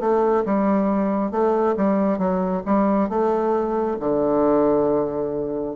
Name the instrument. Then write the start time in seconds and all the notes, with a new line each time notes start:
bassoon
0.00 A3
0.45 G3
1.31 A3
1.77 G3
2.18 F#3
2.66 G3
3.10 A3
3.99 D3